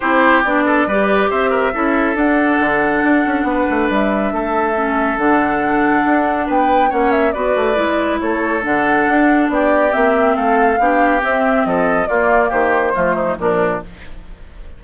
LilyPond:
<<
  \new Staff \with { instrumentName = "flute" } { \time 4/4 \tempo 4 = 139 c''4 d''2 e''4~ | e''4 fis''2.~ | fis''4 e''2. | fis''2. g''4 |
fis''8 e''8 d''2 cis''4 | fis''2 d''4 e''4 | f''2 e''4 dis''4 | d''4 c''2 ais'4 | }
  \new Staff \with { instrumentName = "oboe" } { \time 4/4 g'4. a'8 b'4 c''8 ais'8 | a'1 | b'2 a'2~ | a'2. b'4 |
cis''4 b'2 a'4~ | a'2 g'2 | a'4 g'2 a'4 | f'4 g'4 f'8 dis'8 d'4 | }
  \new Staff \with { instrumentName = "clarinet" } { \time 4/4 e'4 d'4 g'2 | e'4 d'2.~ | d'2. cis'4 | d'1 |
cis'4 fis'4 e'2 | d'2. c'4~ | c'4 d'4 c'2 | ais2 a4 f4 | }
  \new Staff \with { instrumentName = "bassoon" } { \time 4/4 c'4 b4 g4 c'4 | cis'4 d'4 d4 d'8 cis'8 | b8 a8 g4 a2 | d2 d'4 b4 |
ais4 b8 a8 gis4 a4 | d4 d'4 b4 ais4 | a4 b4 c'4 f4 | ais4 dis4 f4 ais,4 | }
>>